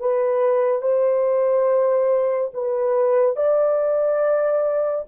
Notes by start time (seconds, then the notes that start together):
0.00 B4
0.82 C5
2.54 B4
3.36 D5